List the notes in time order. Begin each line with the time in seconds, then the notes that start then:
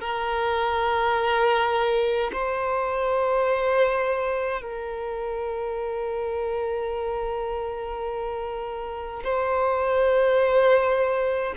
0.00 A#4
2.32 C5
4.61 A#4
9.24 C5